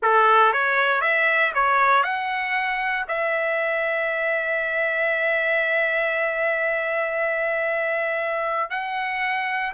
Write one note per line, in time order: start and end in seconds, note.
0.02 0.53 A4
0.53 1.01 C#5
1.01 1.52 E5
1.54 2.03 C#5
2.03 3.05 F#5
3.08 8.70 E5
8.70 9.72 F#5